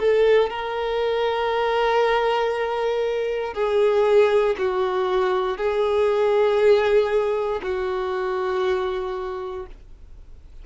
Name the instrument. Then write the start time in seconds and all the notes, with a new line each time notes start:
violin
0.00 A4
0.50 A#4
3.55 G#4
4.59 F#4
5.58 G#4
7.63 F#4